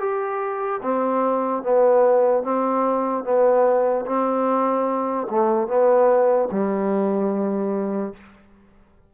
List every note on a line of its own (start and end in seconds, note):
0.00 0.81 G4
0.83 1.63 C4
1.63 2.44 B3
2.44 3.24 C4
3.24 4.05 B3
4.06 5.27 C4
5.30 5.68 A3
5.68 6.49 B3
6.52 8.14 G3